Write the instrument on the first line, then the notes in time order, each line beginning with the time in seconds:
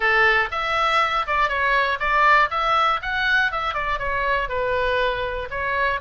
oboe
0.00 A4
0.51 E5
1.27 D5
1.49 C#5
1.99 D5
2.50 E5
3.02 F#5
3.51 E5
3.73 D5
3.98 C#5
4.48 B4
5.50 C#5